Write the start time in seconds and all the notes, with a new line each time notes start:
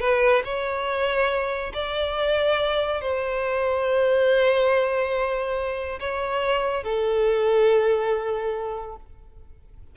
0.00 B4
0.45 C#5
1.74 D5
3.01 C5
6.00 C#5
6.83 A4